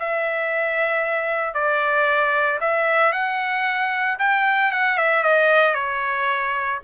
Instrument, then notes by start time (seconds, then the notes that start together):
trumpet
0.00 E5
1.54 D5
2.61 E5
3.13 F#5
4.19 G5
4.72 F#5
4.98 E5
5.24 D#5
5.75 C#5